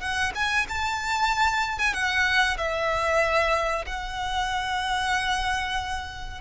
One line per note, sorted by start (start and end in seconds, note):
0.00 0.32 F#5
0.35 0.66 G#5
0.68 1.78 A5
1.78 1.93 G#5
1.93 2.57 F#5
2.57 3.85 E5
3.86 6.41 F#5